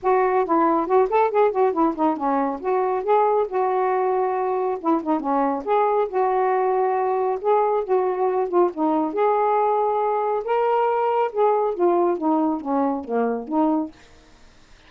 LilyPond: \new Staff \with { instrumentName = "saxophone" } { \time 4/4 \tempo 4 = 138 fis'4 e'4 fis'8 a'8 gis'8 fis'8 | e'8 dis'8 cis'4 fis'4 gis'4 | fis'2. e'8 dis'8 | cis'4 gis'4 fis'2~ |
fis'4 gis'4 fis'4. f'8 | dis'4 gis'2. | ais'2 gis'4 f'4 | dis'4 cis'4 ais4 dis'4 | }